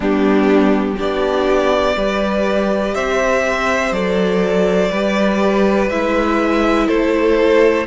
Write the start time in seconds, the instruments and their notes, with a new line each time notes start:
0.00 cello G3, viola B3, violin D4 G4
0.97 cello B3, viola D4, violin G4 D5
1.96 cello G3, viola G4, violin B4
2.94 cello C4, violin C5 E5
3.91 cello F#3, viola A4, violin D5
4.90 cello G3, viola G4, violin B4
5.89 cello G#3, viola E4, violin E5
6.86 cello A3, violin A4 C5